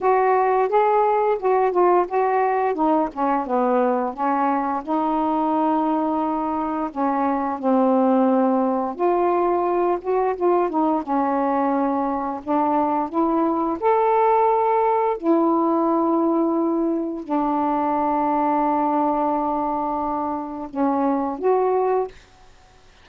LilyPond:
\new Staff \with { instrumentName = "saxophone" } { \time 4/4 \tempo 4 = 87 fis'4 gis'4 fis'8 f'8 fis'4 | dis'8 cis'8 b4 cis'4 dis'4~ | dis'2 cis'4 c'4~ | c'4 f'4. fis'8 f'8 dis'8 |
cis'2 d'4 e'4 | a'2 e'2~ | e'4 d'2.~ | d'2 cis'4 fis'4 | }